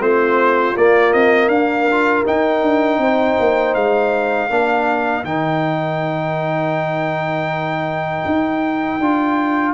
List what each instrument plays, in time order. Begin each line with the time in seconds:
0.00 tuba A3, trombone C4, horn F4, trumpet C5
0.76 tuba A#3, trombone A#3, trumpet D5
1.13 tuba C4, trumpet D#5
1.48 tuba D4, horn A#4, trumpet F5
1.91 trombone F4
2.26 trombone D#4, tuba D#4, trumpet G5
2.62 tuba D4
2.98 tuba C4, horn C5
3.40 tuba A#3
3.74 tuba G#3, trumpet F5
4.50 tuba A#3, trombone D4, horn A#4
5.24 tuba D#3, trombone D#4, trumpet G5
8.26 tuba D#4
9.00 tuba D4, trombone F4